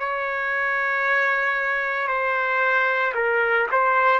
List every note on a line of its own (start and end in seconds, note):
0.00 2.08 C#5
2.08 3.13 C5
3.14 3.67 A#4
3.72 4.20 C5